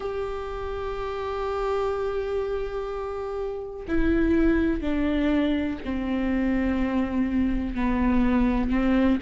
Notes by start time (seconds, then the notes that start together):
0.00 G4
3.88 E4
4.81 D4
5.85 C4
7.75 B3
8.70 C4